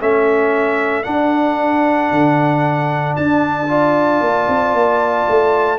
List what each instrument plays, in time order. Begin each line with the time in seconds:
0.00 tuba A3, trombone C#4, horn A4, trumpet E5
1.03 trombone D4, tuba D4, trumpet F#5
2.11 tuba D3
3.16 tuba D4, trumpet A5
3.68 trombone F4, horn D5
4.21 tuba A#3
4.48 tuba C4
4.73 tuba A#3
5.29 tuba A3